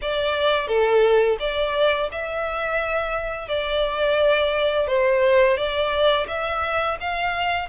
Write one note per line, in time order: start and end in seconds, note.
0.01 0.67 D5
0.67 1.37 A4
1.40 2.09 D5
2.11 3.48 E5
3.48 4.87 D5
4.87 5.57 C5
5.57 6.26 D5
6.27 6.97 E5
7.00 7.68 F5